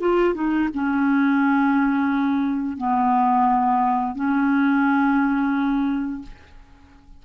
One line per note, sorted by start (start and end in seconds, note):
0.00 0.34 F4
0.34 0.69 D#4
0.74 2.77 C#4
2.77 4.15 B3
4.15 6.22 C#4